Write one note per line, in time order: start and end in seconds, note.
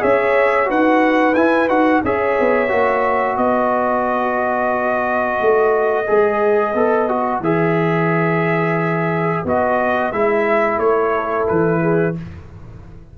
0.00 0.70 C#4
0.00 0.66 G#4
0.00 0.69 C#5
0.00 0.71 E5
0.66 1.36 D#4
0.66 1.33 F#4
0.66 2.04 B4
0.66 1.35 F#5
1.35 1.68 E4
1.35 1.70 E4
1.35 1.69 G#5
1.68 2.02 D#4
1.68 2.03 F#4
1.68 2.03 F#5
2.04 2.38 C#4
2.04 2.69 G#4
2.04 3.39 C#5
2.04 3.38 E5
2.40 2.72 B3
2.69 3.37 A#3
2.69 6.06 F#4
3.37 5.40 B3
3.37 11.15 B4
3.37 7.42 D#5
5.42 6.09 A3
6.07 6.75 G#3
6.07 6.75 G#4
6.75 7.41 B3
6.75 7.09 A4
7.09 7.43 F#4
7.41 9.43 E3
7.41 9.46 G#4
7.41 9.46 E5
9.45 10.13 B3
9.45 10.13 F#4
9.45 10.13 D#5
10.13 10.78 G#3
10.13 12.15 E4
10.13 10.79 E5
10.78 11.46 A3
10.78 11.47 C#5
11.16 11.82 A4
11.48 12.18 E3
11.48 12.16 B4
11.82 12.15 G#4